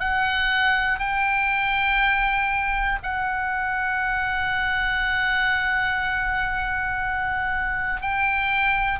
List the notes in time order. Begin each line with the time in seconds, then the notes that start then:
0.00 F#5
0.99 G5
3.03 F#5
8.02 G5